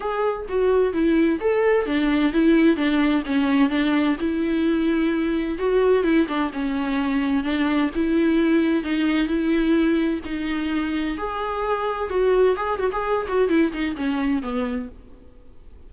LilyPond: \new Staff \with { instrumentName = "viola" } { \time 4/4 \tempo 4 = 129 gis'4 fis'4 e'4 a'4 | d'4 e'4 d'4 cis'4 | d'4 e'2. | fis'4 e'8 d'8 cis'2 |
d'4 e'2 dis'4 | e'2 dis'2 | gis'2 fis'4 gis'8 fis'16 gis'16~ | gis'8 fis'8 e'8 dis'8 cis'4 b4 | }